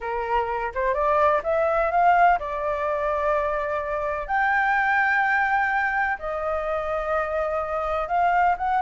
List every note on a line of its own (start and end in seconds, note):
0.00 0.72 A#4
0.74 0.94 C5
0.94 1.41 D5
1.43 1.91 E5
1.91 2.38 F5
2.39 4.27 D5
4.27 6.17 G5
6.19 8.08 D#5
8.08 8.55 F5
8.57 8.81 F#5